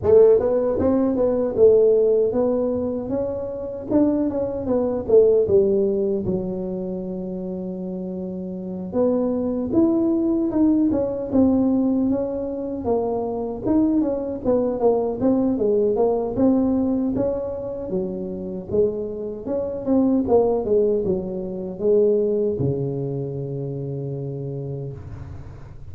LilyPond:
\new Staff \with { instrumentName = "tuba" } { \time 4/4 \tempo 4 = 77 a8 b8 c'8 b8 a4 b4 | cis'4 d'8 cis'8 b8 a8 g4 | fis2.~ fis8 b8~ | b8 e'4 dis'8 cis'8 c'4 cis'8~ |
cis'8 ais4 dis'8 cis'8 b8 ais8 c'8 | gis8 ais8 c'4 cis'4 fis4 | gis4 cis'8 c'8 ais8 gis8 fis4 | gis4 cis2. | }